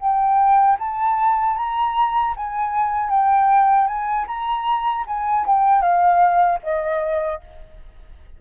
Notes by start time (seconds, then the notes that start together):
0.00 G5
0.79 A5
1.57 A#5
2.37 G#5
3.10 G5
3.87 G#5
4.28 A#5
5.07 G#5
5.47 G5
5.82 F5
6.63 D#5